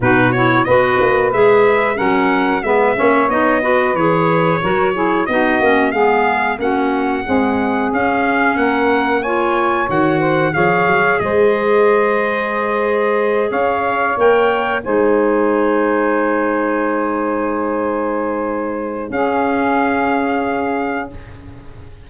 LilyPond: <<
  \new Staff \with { instrumentName = "trumpet" } { \time 4/4 \tempo 4 = 91 b'8 cis''8 dis''4 e''4 fis''4 | e''4 dis''4 cis''2 | dis''4 f''4 fis''2 | f''4 fis''4 gis''4 fis''4 |
f''4 dis''2.~ | dis''8 f''4 g''4 gis''4.~ | gis''1~ | gis''4 f''2. | }
  \new Staff \with { instrumentName = "saxophone" } { \time 4/4 fis'4 b'2 ais'4 | b'8 cis''4 b'4. ais'8 gis'8 | fis'4 gis'4 fis'4 gis'4~ | gis'4 ais'4 cis''4. c''8 |
cis''4 c''2.~ | c''8 cis''2 c''4.~ | c''1~ | c''4 gis'2. | }
  \new Staff \with { instrumentName = "clarinet" } { \time 4/4 dis'8 e'8 fis'4 gis'4 cis'4 | b8 cis'8 dis'8 fis'8 gis'4 fis'8 e'8 | dis'8 cis'8 b4 cis'4 gis4 | cis'2 f'4 fis'4 |
gis'1~ | gis'4. ais'4 dis'4.~ | dis'1~ | dis'4 cis'2. | }
  \new Staff \with { instrumentName = "tuba" } { \time 4/4 b,4 b8 ais8 gis4 fis4 | gis8 ais8 b4 e4 fis4 | b8 ais8 gis4 ais4 c'4 | cis'4 ais2 dis4 |
f8 fis8 gis2.~ | gis8 cis'4 ais4 gis4.~ | gis1~ | gis4 cis'2. | }
>>